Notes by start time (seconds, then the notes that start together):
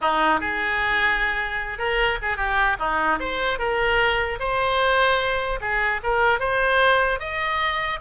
0.01 D#4
0.40 G#4
1.78 A#4
2.22 G#4
2.37 G4
2.79 D#4
3.19 C5
3.58 A#4
4.39 C5
5.60 G#4
6.03 A#4
6.39 C5
7.19 D#5